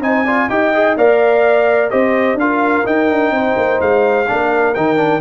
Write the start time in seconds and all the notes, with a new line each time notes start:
0.00 C4 D#4 C5 G#5
0.25 F4 D5
0.48 D#4 G4 D#5 G5
0.73 G#4
0.96 A#3 A#4 D5 F5
1.90 C4 G4 C5 D#5
2.34 D4 F5
2.40 F4 A#4
2.84 D#4 G5
3.07 D4
3.30 C4 C5
3.56 A#3
3.80 G#3 F5
4.27 A#3 D4 A#4
4.74 D#3 D#4 G5
4.96 D4